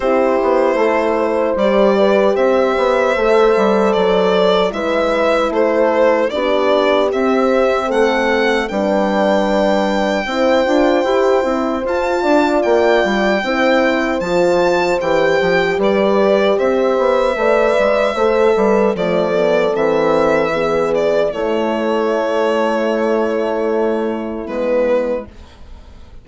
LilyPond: <<
  \new Staff \with { instrumentName = "violin" } { \time 4/4 \tempo 4 = 76 c''2 d''4 e''4~ | e''4 d''4 e''4 c''4 | d''4 e''4 fis''4 g''4~ | g''2. a''4 |
g''2 a''4 g''4 | d''4 e''2. | d''4 e''4. d''8 cis''4~ | cis''2. b'4 | }
  \new Staff \with { instrumentName = "horn" } { \time 4/4 g'4 a'8 c''4 b'8 c''4~ | c''2 b'4 a'4 | g'2 a'4 b'4~ | b'4 c''2~ c''8 d''8~ |
d''4 c''2. | b'4 c''4 d''4 c''8 b'8 | a'2 gis'4 e'4~ | e'1 | }
  \new Staff \with { instrumentName = "horn" } { \time 4/4 e'2 g'2 | a'2 e'2 | d'4 c'2 d'4~ | d'4 e'8 f'8 g'8 e'8 f'4~ |
f'4 e'4 f'4 g'4~ | g'2 b'4 a'4 | a8 b8 c'4 b4 a4~ | a2. b4 | }
  \new Staff \with { instrumentName = "bassoon" } { \time 4/4 c'8 b8 a4 g4 c'8 b8 | a8 g8 fis4 gis4 a4 | b4 c'4 a4 g4~ | g4 c'8 d'8 e'8 c'8 f'8 d'8 |
ais8 g8 c'4 f4 e8 f8 | g4 c'8 b8 a8 gis8 a8 g8 | f4 e2 a4~ | a2. gis4 | }
>>